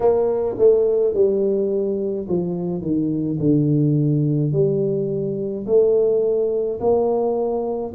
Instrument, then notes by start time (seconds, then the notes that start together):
tuba
0.00 A#3
0.58 A3
1.13 G3
2.28 F3
2.81 D#3
3.40 D3
4.52 G3
5.66 A3
6.79 A#3